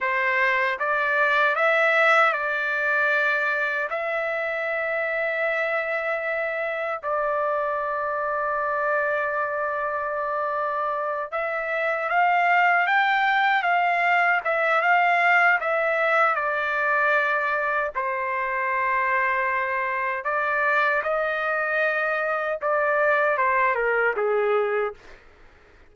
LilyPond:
\new Staff \with { instrumentName = "trumpet" } { \time 4/4 \tempo 4 = 77 c''4 d''4 e''4 d''4~ | d''4 e''2.~ | e''4 d''2.~ | d''2~ d''8 e''4 f''8~ |
f''8 g''4 f''4 e''8 f''4 | e''4 d''2 c''4~ | c''2 d''4 dis''4~ | dis''4 d''4 c''8 ais'8 gis'4 | }